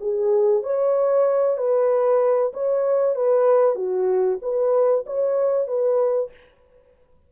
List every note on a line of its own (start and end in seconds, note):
0.00 0.63 G#4
0.63 1.57 C#5
1.57 2.52 B4
2.53 3.15 C#5
3.15 3.75 B4
3.75 4.38 F#4
4.41 5.04 B4
5.06 5.67 C#5
5.67 6.30 B4